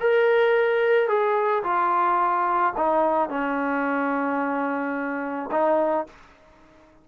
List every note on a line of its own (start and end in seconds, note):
0.00 1.08 A#4
1.08 1.63 G#4
1.63 2.73 F4
2.77 3.30 D#4
3.30 5.50 C#4
5.51 6.07 D#4